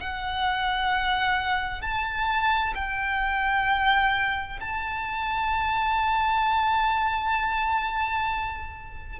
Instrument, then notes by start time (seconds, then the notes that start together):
violin
0.00 F#5
1.81 A5
2.75 G5
4.60 A5